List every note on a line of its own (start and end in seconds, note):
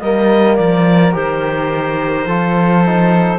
0.00 0.58 G3
0.00 1.12 A#3
0.00 2.27 A#4
0.00 0.56 D#5
0.56 1.14 F3
0.56 1.12 D5
1.12 2.25 D#3
1.12 2.25 G4
1.12 3.39 C5
2.25 3.38 F3
2.25 2.84 F4
2.25 3.39 A4
2.84 3.39 D#4